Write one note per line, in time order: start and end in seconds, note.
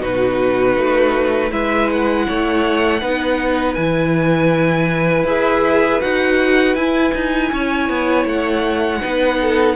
0.00 0.77 B2
0.00 1.50 D#4
0.00 1.50 F#4
0.00 1.52 B4
0.77 1.51 A3
1.50 2.26 G#3
1.50 3.00 E4
1.50 2.26 B4
1.50 1.89 E5
1.91 3.74 F#5
2.27 3.01 A3
2.27 3.01 C#5
3.01 3.76 B3
3.01 3.77 D#4
3.01 7.51 B4
3.74 5.23 E3
3.74 5.26 E4
3.74 5.24 G#5
5.23 5.98 E4
5.23 6.00 G#4
5.23 6.01 E5
6.00 6.75 D#4
6.00 6.75 F#4
6.00 6.75 F#5
6.75 7.12 E4
6.75 9.01 E4
6.75 8.25 G#5
7.14 7.52 D#4
7.52 7.89 C#4
7.52 9.01 C#5
7.89 8.25 B3
8.25 9.00 A3
8.25 9.75 F#5
9.01 9.75 B3
9.01 9.75 D#4
9.01 9.38 B4
9.41 9.75 A4